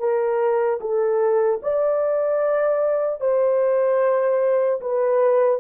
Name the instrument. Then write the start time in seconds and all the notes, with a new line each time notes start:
horn
0.00 A#4
0.81 A4
1.63 D5
3.21 C5
4.81 B4